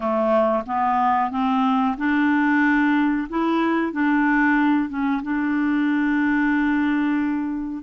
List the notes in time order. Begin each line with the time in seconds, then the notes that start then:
0.00 A3
0.66 B3
1.30 C4
1.97 D4
3.29 E4
3.92 D4
4.89 C#4
5.22 D4